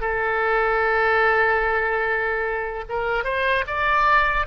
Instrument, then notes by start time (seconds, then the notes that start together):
oboe
0.00 A4
2.89 A#4
3.24 C5
3.67 D5